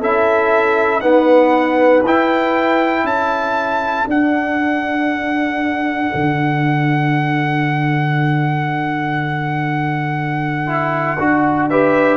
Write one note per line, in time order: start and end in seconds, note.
0.00 1.00 C#4
0.00 1.02 E4
0.00 1.02 A4
0.00 1.01 E5
1.00 2.03 B3
1.00 2.02 D#4
1.00 3.04 B4
1.00 2.03 F#5
2.05 3.04 E4
2.05 4.07 E4
2.05 3.06 G5
3.04 4.05 C#4
3.04 11.69 A4
3.04 4.08 A5
4.07 6.11 D4
4.07 10.67 D4
4.07 11.70 F#5
6.15 11.19 D3
10.67 11.18 E4
11.19 12.17 D4
11.19 11.71 F#4
11.70 12.17 G4
11.70 12.17 B4
11.70 12.17 E5